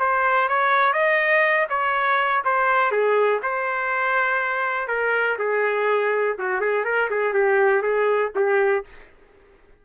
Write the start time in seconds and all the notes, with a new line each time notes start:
0.00 C5
0.49 C#5
0.94 D#5
1.70 C#5
2.45 C5
2.92 G#4
3.43 C5
4.88 A#4
5.39 G#4
6.39 F#4
6.61 G#4
6.85 A#4
7.11 G#4
7.34 G4
7.83 G#4
8.36 G4